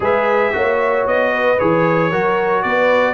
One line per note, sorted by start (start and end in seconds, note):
0.00 0.52 G#3
0.00 0.52 G#4
0.00 0.54 B4
0.00 1.07 E5
0.52 1.06 A#3
0.52 1.57 F#4
0.52 1.32 C#5
1.06 1.59 B3
1.06 1.59 D#5
1.32 2.10 B4
1.59 2.12 E3
1.59 2.11 G#4
1.59 2.62 C#5
2.10 2.64 F#3
2.10 3.14 F#4
2.10 2.63 A#4
2.62 3.14 B3
2.62 3.14 B4
2.62 3.14 D5